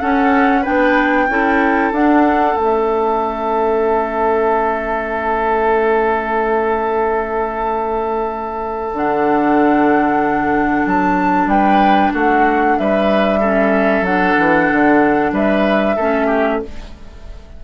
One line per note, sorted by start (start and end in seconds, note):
0.00 0.65 C#4
0.00 0.66 C#4
0.00 0.62 A4
0.00 0.64 F#5
0.62 1.29 B3
0.62 1.29 D4
0.62 1.26 B4
0.62 1.92 G5
1.29 1.92 C#4
1.29 1.94 E4
1.29 11.51 A4
1.92 2.56 D4
1.92 2.57 F#5
2.56 8.93 A3
2.56 8.94 C#4
2.56 8.95 E5
8.93 10.85 D3
8.93 13.42 D4
8.93 10.87 F#5
10.86 11.47 F#3
10.86 11.49 A5
11.47 12.10 G3
11.47 12.13 B4
11.47 12.13 G5
12.13 12.78 A3
12.13 12.77 F#4
12.13 12.78 F#5
12.78 14.02 G3
12.78 13.40 B4
12.78 14.05 E5
13.40 14.06 C#4
13.40 15.31 A4
14.02 14.34 F#3
14.02 15.98 D4
14.02 15.33 F#5
14.38 14.70 E3
14.72 15.32 D3
15.32 15.96 G3
15.32 15.96 B4
15.32 16.63 E5
15.96 16.62 A3
15.96 16.64 C#4
15.96 16.27 A4
16.27 16.59 G4